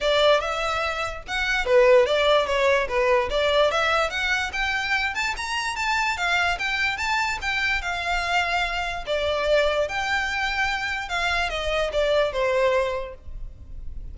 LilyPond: \new Staff \with { instrumentName = "violin" } { \time 4/4 \tempo 4 = 146 d''4 e''2 fis''4 | b'4 d''4 cis''4 b'4 | d''4 e''4 fis''4 g''4~ | g''8 a''8 ais''4 a''4 f''4 |
g''4 a''4 g''4 f''4~ | f''2 d''2 | g''2. f''4 | dis''4 d''4 c''2 | }